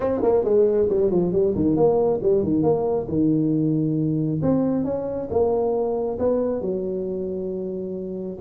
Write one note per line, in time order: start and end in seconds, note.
0.00 0.21 C4
0.22 0.44 A#3
0.44 0.88 G#3
0.89 1.10 G3
1.10 1.32 F3
1.32 1.54 G3
1.55 1.76 D#3
1.76 2.20 A#3
2.22 2.43 G3
2.43 2.62 D#3
2.62 3.07 A#3
3.08 4.40 D#3
4.42 4.84 C4
4.84 5.28 C#4
5.30 6.18 A#3
6.18 6.61 B3
6.61 8.37 F#3